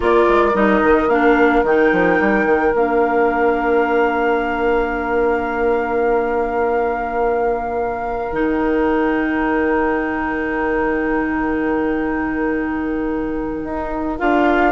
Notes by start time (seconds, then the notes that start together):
0.00 A#3 F4 A#4 D5
0.28 G#3
0.53 G3 D#4 D#5
0.82 D#3
1.07 A#3 D4 F5
1.63 D#3 D#4 G5
1.92 F3
2.20 G3
2.45 D#3
2.73 A#3 D4 F5
8.31 D#3 D#4 G5
13.64 D#4
14.18 D4 F4 F5